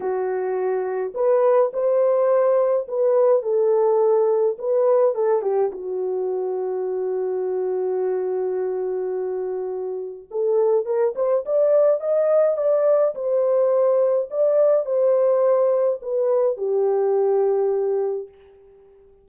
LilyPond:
\new Staff \with { instrumentName = "horn" } { \time 4/4 \tempo 4 = 105 fis'2 b'4 c''4~ | c''4 b'4 a'2 | b'4 a'8 g'8 fis'2~ | fis'1~ |
fis'2 a'4 ais'8 c''8 | d''4 dis''4 d''4 c''4~ | c''4 d''4 c''2 | b'4 g'2. | }